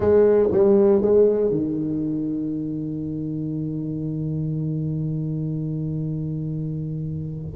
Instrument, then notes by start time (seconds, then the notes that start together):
tuba
0.00 G#3
0.51 G3
1.01 G#3
1.50 D#3